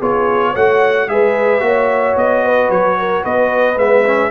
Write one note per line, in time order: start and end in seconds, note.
0.00 0.55 B3
0.00 0.55 F4
0.00 0.51 G#4
0.00 0.56 C#5
0.51 1.08 A3
0.51 1.08 F#4
0.51 1.05 C#5
0.51 1.09 F#5
1.08 1.61 G#3
1.08 1.60 G#4
1.08 1.65 B4
1.08 2.17 E5
1.60 2.15 A#3
1.60 3.76 F#4
1.60 2.44 C#5
2.16 2.69 B3
2.16 2.70 D#5
2.44 2.99 B4
2.69 3.23 F#3
2.69 3.24 C#5
2.99 3.24 A#4
3.24 3.77 B3
3.24 4.31 B4
3.24 3.78 D#5
3.77 4.31 G#3
3.77 4.04 B3
3.77 4.31 E5
4.06 4.31 C#4